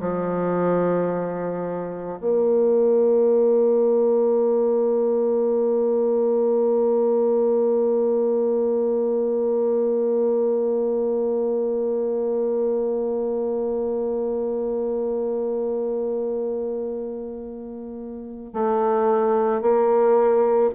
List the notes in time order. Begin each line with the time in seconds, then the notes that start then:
0.00 F3
2.20 A#3
18.54 A3
19.61 A#3